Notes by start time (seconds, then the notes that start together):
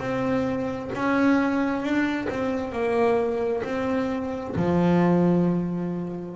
0.00 C4
0.95 C#4
1.83 D4
2.30 C4
2.73 A#3
3.64 C4
4.56 F3